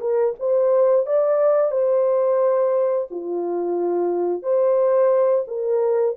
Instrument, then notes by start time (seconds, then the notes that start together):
horn
0.00 A#4
0.39 C5
1.06 D5
1.71 C5
3.11 F4
4.43 C5
5.48 A#4